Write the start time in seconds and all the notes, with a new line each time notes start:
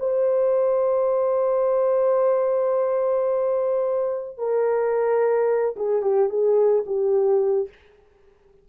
0.00 C5
4.38 A#4
5.76 G#4
6.03 G4
6.30 G#4
6.87 G4